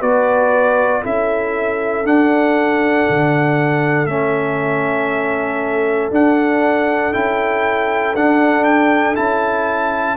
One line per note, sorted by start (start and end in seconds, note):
0.00 1.03 B3
0.00 1.03 F#4
0.00 1.02 B4
0.00 1.04 D5
1.02 2.04 C#4
1.02 2.04 E4
1.02 10.17 A4
1.02 2.06 E5
2.04 3.06 D4
2.04 4.08 D4
2.04 4.06 F#5
3.10 4.06 D3
4.06 6.10 A3
4.06 6.11 C#4
4.06 6.10 E5
6.10 7.12 D4
6.10 7.13 D4
6.10 7.13 F#5
7.13 8.15 C#4
7.13 8.15 E4
7.13 8.15 G5
8.15 9.17 D4
8.15 9.16 D4
8.15 8.64 F#5
8.64 9.15 G5
9.16 10.17 C#4
9.16 10.17 E4
9.16 10.17 A5